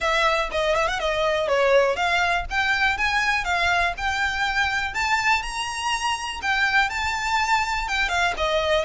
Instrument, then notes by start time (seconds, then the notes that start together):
violin
0.00 E5
0.51 D#5
0.75 E5
0.87 F#5
0.99 D#5
1.48 C#5
1.95 F5
2.49 G5
2.97 G#5
3.44 F5
3.97 G5
4.93 A5
5.42 A#5
6.42 G5
6.89 A5
7.88 G5
8.09 F5
8.37 D#5